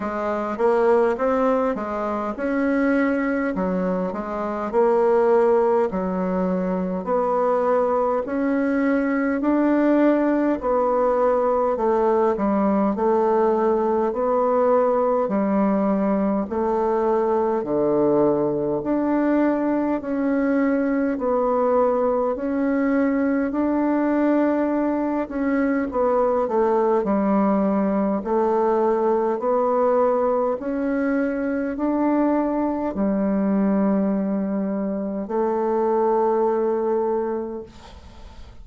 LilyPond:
\new Staff \with { instrumentName = "bassoon" } { \time 4/4 \tempo 4 = 51 gis8 ais8 c'8 gis8 cis'4 fis8 gis8 | ais4 fis4 b4 cis'4 | d'4 b4 a8 g8 a4 | b4 g4 a4 d4 |
d'4 cis'4 b4 cis'4 | d'4. cis'8 b8 a8 g4 | a4 b4 cis'4 d'4 | g2 a2 | }